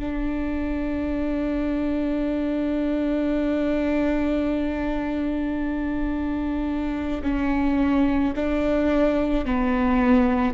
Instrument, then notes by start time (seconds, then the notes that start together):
viola
0.00 D4
7.23 C#4
8.36 D4
9.45 B3